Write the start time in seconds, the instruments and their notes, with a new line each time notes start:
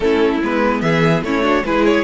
0.00 cello A3, viola C#4, violin E4 A4
0.42 cello G#3, viola B3, violin B4
0.81 cello E3, violin G#4 E5
1.22 cello A3, viola C#4, violin E4 C#5
1.42 viola D4, violin F#4
1.63 cello G#3, viola E4, violin G#4 B4
1.85 violin C#5